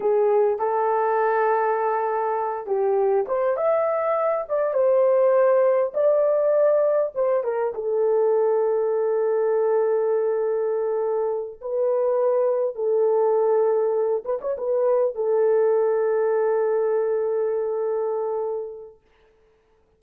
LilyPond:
\new Staff \with { instrumentName = "horn" } { \time 4/4 \tempo 4 = 101 gis'4 a'2.~ | a'8 g'4 c''8 e''4. d''8 | c''2 d''2 | c''8 ais'8 a'2.~ |
a'2.~ a'8 b'8~ | b'4. a'2~ a'8 | b'16 cis''16 b'4 a'2~ a'8~ | a'1 | }